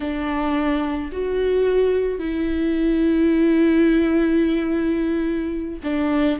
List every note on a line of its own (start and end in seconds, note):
0.00 1.11 D4
1.12 2.19 F#4
2.19 5.80 E4
5.83 6.39 D4